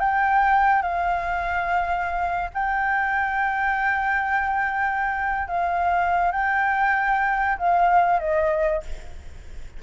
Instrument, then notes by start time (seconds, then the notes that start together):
flute
0.00 G5
0.82 F5
2.54 G5
5.48 F5
6.32 G5
7.58 F5
8.20 D#5